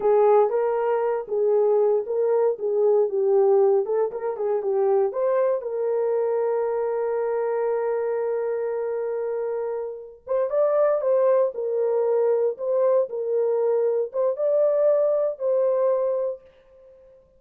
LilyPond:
\new Staff \with { instrumentName = "horn" } { \time 4/4 \tempo 4 = 117 gis'4 ais'4. gis'4. | ais'4 gis'4 g'4. a'8 | ais'8 gis'8 g'4 c''4 ais'4~ | ais'1~ |
ais'1 | c''8 d''4 c''4 ais'4.~ | ais'8 c''4 ais'2 c''8 | d''2 c''2 | }